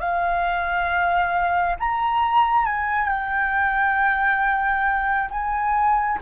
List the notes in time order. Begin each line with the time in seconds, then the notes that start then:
0.00 F5
1.80 A#5
2.66 G#5
3.09 G5
5.31 G#5